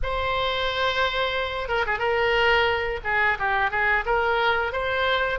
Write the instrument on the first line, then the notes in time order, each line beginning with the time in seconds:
oboe
0.02 C5
1.68 A#4
1.86 G#4
1.98 A#4
3.04 G#4
3.38 G4
3.70 G#4
4.05 A#4
4.72 C5